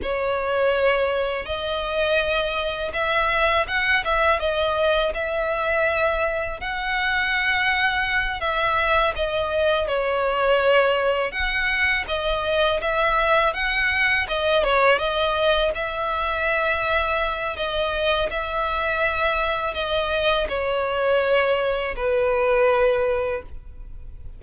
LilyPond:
\new Staff \with { instrumentName = "violin" } { \time 4/4 \tempo 4 = 82 cis''2 dis''2 | e''4 fis''8 e''8 dis''4 e''4~ | e''4 fis''2~ fis''8 e''8~ | e''8 dis''4 cis''2 fis''8~ |
fis''8 dis''4 e''4 fis''4 dis''8 | cis''8 dis''4 e''2~ e''8 | dis''4 e''2 dis''4 | cis''2 b'2 | }